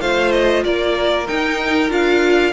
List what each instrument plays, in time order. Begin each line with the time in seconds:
0.00 cello A3, viola F4, violin C5 F5
0.31 violin D#5
0.64 cello A#3, violin A#4 D5
1.27 viola D#4, cello D#4, violin G5
1.89 cello D4, viola F4, violin F5